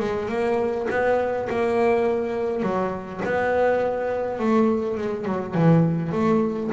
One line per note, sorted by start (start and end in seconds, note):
0.00 0.29 G#3
0.29 0.87 A#3
0.90 1.49 B3
1.50 2.63 A#3
2.63 3.21 F#3
3.25 4.39 B3
4.39 4.97 A3
4.97 5.26 G#3
5.26 5.55 F#3
5.55 6.12 E3
6.12 6.70 A3